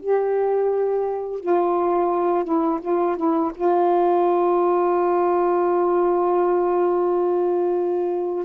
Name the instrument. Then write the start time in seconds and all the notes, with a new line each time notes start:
saxophone
0.00 G4
1.40 F4
2.44 E4
2.81 F4
3.17 E4
3.55 F4